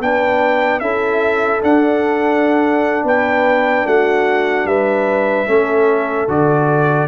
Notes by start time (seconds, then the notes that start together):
0.00 B3 D4 B4 G5
0.80 C#4 E4 A4 E5
1.62 D4 F#5
3.04 B3 B4 G5
3.86 A3 F#4 F#5
4.65 G3 B4 E5
5.47 A3 C#4 A4
6.28 D3 F#4 D5